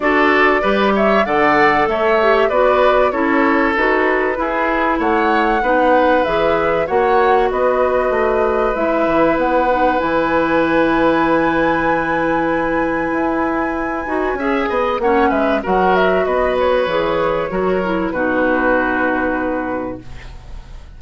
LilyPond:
<<
  \new Staff \with { instrumentName = "flute" } { \time 4/4 \tempo 4 = 96 d''4. e''8 fis''4 e''4 | d''4 cis''4 b'2 | fis''2 e''4 fis''4 | dis''2 e''4 fis''4 |
gis''1~ | gis''1 | fis''8 e''8 fis''8 e''8 dis''8 cis''4.~ | cis''4 b'2. | }
  \new Staff \with { instrumentName = "oboe" } { \time 4/4 a'4 b'8 cis''8 d''4 cis''4 | b'4 a'2 gis'4 | cis''4 b'2 cis''4 | b'1~ |
b'1~ | b'2. e''8 dis''8 | cis''8 b'8 ais'4 b'2 | ais'4 fis'2. | }
  \new Staff \with { instrumentName = "clarinet" } { \time 4/4 fis'4 g'4 a'4. g'8 | fis'4 e'4 fis'4 e'4~ | e'4 dis'4 gis'4 fis'4~ | fis'2 e'4. dis'8 |
e'1~ | e'2~ e'8 fis'8 gis'4 | cis'4 fis'2 gis'4 | fis'8 e'8 dis'2. | }
  \new Staff \with { instrumentName = "bassoon" } { \time 4/4 d'4 g4 d4 a4 | b4 cis'4 dis'4 e'4 | a4 b4 e4 ais4 | b4 a4 gis8 e8 b4 |
e1~ | e4 e'4. dis'8 cis'8 b8 | ais8 gis8 fis4 b4 e4 | fis4 b,2. | }
>>